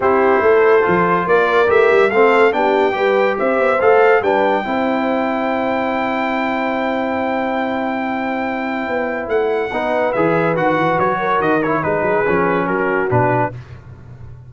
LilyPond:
<<
  \new Staff \with { instrumentName = "trumpet" } { \time 4/4 \tempo 4 = 142 c''2. d''4 | e''4 f''4 g''2 | e''4 f''4 g''2~ | g''1~ |
g''1~ | g''2 fis''2 | e''4 fis''4 cis''4 dis''8 cis''8 | b'2 ais'4 b'4 | }
  \new Staff \with { instrumentName = "horn" } { \time 4/4 g'4 a'2 ais'4~ | ais'4 a'4 g'4 b'4 | c''2 b'4 c''4~ | c''1~ |
c''1~ | c''2. b'4~ | b'2~ b'8 ais'4. | gis'2 fis'2 | }
  \new Staff \with { instrumentName = "trombone" } { \time 4/4 e'2 f'2 | g'4 c'4 d'4 g'4~ | g'4 a'4 d'4 e'4~ | e'1~ |
e'1~ | e'2. dis'4 | gis'4 fis'2~ fis'8 e'8 | dis'4 cis'2 d'4 | }
  \new Staff \with { instrumentName = "tuba" } { \time 4/4 c'4 a4 f4 ais4 | a8 g8 a4 b4 g4 | c'8 b8 a4 g4 c'4~ | c'1~ |
c'1~ | c'4 b4 a4 b4 | e4 dis8 e8 fis4 dis4 | gis8 fis8 f4 fis4 b,4 | }
>>